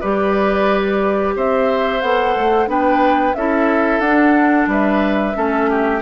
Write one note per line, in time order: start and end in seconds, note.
0.00 1.36 G3
0.00 2.02 G4
0.00 1.34 B4
0.00 1.33 D5
1.36 2.02 C4
1.36 2.69 C5
1.36 2.01 E5
2.01 2.35 B3
2.01 2.67 A4
2.01 2.68 F#5
2.36 2.67 A3
2.67 3.34 B3
2.67 3.33 D4
2.67 3.36 B4
2.67 3.34 G5
3.34 3.99 C#4
3.34 4.04 E4
3.34 4.70 A4
3.34 4.00 E5
3.99 4.66 D4
3.99 5.34 D4
3.99 4.67 F#5
4.67 5.33 G3
4.67 5.36 B4
4.67 6.02 E5
5.34 6.02 A3
5.34 6.01 C#4
5.34 5.69 A4
5.69 6.02 G4